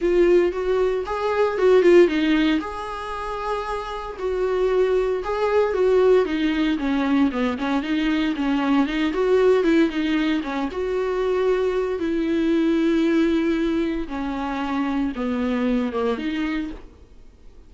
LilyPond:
\new Staff \with { instrumentName = "viola" } { \time 4/4 \tempo 4 = 115 f'4 fis'4 gis'4 fis'8 f'8 | dis'4 gis'2. | fis'2 gis'4 fis'4 | dis'4 cis'4 b8 cis'8 dis'4 |
cis'4 dis'8 fis'4 e'8 dis'4 | cis'8 fis'2~ fis'8 e'4~ | e'2. cis'4~ | cis'4 b4. ais8 dis'4 | }